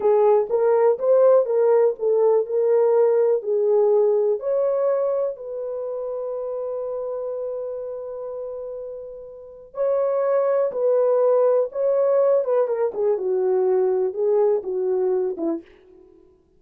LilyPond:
\new Staff \with { instrumentName = "horn" } { \time 4/4 \tempo 4 = 123 gis'4 ais'4 c''4 ais'4 | a'4 ais'2 gis'4~ | gis'4 cis''2 b'4~ | b'1~ |
b'1 | cis''2 b'2 | cis''4. b'8 ais'8 gis'8 fis'4~ | fis'4 gis'4 fis'4. e'8 | }